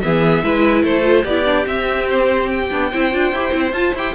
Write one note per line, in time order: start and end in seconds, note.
0.00 0.43 E3
0.00 0.43 B3
0.00 0.44 G#4
0.00 0.83 E5
0.43 0.83 G#3
0.43 1.02 E4
0.43 0.83 B4
0.83 1.24 A3
0.83 1.23 A4
0.83 1.25 C5
1.02 1.23 F4
1.23 1.66 B3
1.23 1.45 E4
1.23 2.88 G4
1.23 1.66 D5
1.45 1.65 D4
1.66 2.69 C4
1.66 2.70 C4
1.66 2.08 E5
2.09 2.50 C5
2.50 3.73 G5
2.71 2.92 B3
2.71 2.92 D4
2.90 3.14 C4
2.90 3.12 E4
2.90 4.14 C5
3.12 3.32 D4
3.12 3.33 F4
3.32 3.52 E4
3.32 3.51 G4
3.51 3.72 C4
3.51 3.72 E4
3.72 3.92 F4
3.72 3.96 F4
3.72 3.94 A5
3.94 4.14 E4
3.94 4.14 G4
3.94 4.14 G5